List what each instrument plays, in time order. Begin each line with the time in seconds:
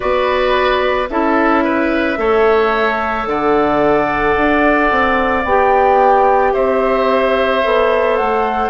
0.00 bassoon B3, clarinet F#4, oboe B4, flute D5
1.09 bassoon C#4, clarinet E4, oboe A4, flute E5
1.64 oboe B4
2.16 bassoon A3, clarinet A4, oboe C#5
3.26 bassoon D3, oboe D5, flute F#5
4.37 bassoon D4
4.91 bassoon C4
5.44 bassoon B3, clarinet G4, flute G5
6.53 bassoon C4, oboe C5, flute E5
7.63 bassoon B3, clarinet A4
8.16 bassoon A3, flute F#5